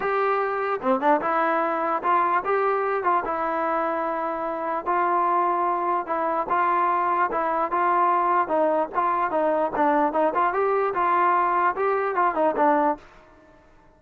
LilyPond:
\new Staff \with { instrumentName = "trombone" } { \time 4/4 \tempo 4 = 148 g'2 c'8 d'8 e'4~ | e'4 f'4 g'4. f'8 | e'1 | f'2. e'4 |
f'2 e'4 f'4~ | f'4 dis'4 f'4 dis'4 | d'4 dis'8 f'8 g'4 f'4~ | f'4 g'4 f'8 dis'8 d'4 | }